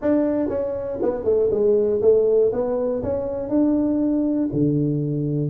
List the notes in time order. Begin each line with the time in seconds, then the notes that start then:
0.01 D4
0.48 C#4
1.01 B3
1.24 A3
1.50 G#3
2.01 A3
2.52 B3
3.02 C#4
3.49 D4
4.52 D3